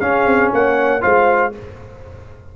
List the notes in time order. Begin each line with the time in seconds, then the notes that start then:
0.00 C#4 G#4 F5
0.26 C4
0.53 A#3 C#5 F#5
1.01 G#3 F4 C5 F5